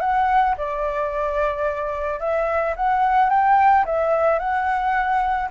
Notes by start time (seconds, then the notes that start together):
0.00 F#5
0.57 D5
2.20 E5
2.76 F#5
3.30 G5
3.85 E5
4.39 F#5